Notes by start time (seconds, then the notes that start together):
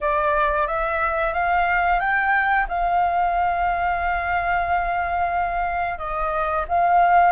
0.00 D5
0.67 E5
1.33 F5
1.99 G5
2.68 F5
5.98 D#5
6.68 F5